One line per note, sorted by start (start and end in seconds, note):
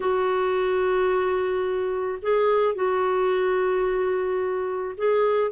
0.00 2.19 F#4
2.21 2.74 G#4
2.74 4.95 F#4
4.97 5.51 G#4